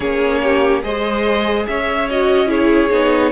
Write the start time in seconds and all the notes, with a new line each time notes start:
0.00 A#3 C#4 G#4 C#5
0.43 G4
0.82 G#3 G#4 C5 D#5
1.67 C#4 C#5 E5
2.09 F#4 D#5
2.46 E4 G#4 C#5
2.90 B3 D#4